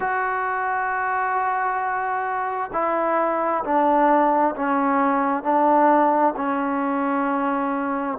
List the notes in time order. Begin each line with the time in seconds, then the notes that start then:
0.00 F#4
2.72 E4
3.64 D4
4.55 C#4
5.43 D4
6.36 C#4